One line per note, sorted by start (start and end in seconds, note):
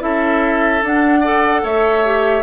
0.00 0.83 C#4
0.00 0.81 E4
0.00 1.21 A4
0.00 0.83 E5
0.83 1.64 D4
0.83 1.24 D4
0.83 1.66 F#5
1.21 2.06 A4
1.21 1.61 D5
1.64 2.43 A3
1.64 2.43 C#5
1.64 2.43 E5
2.06 2.43 G4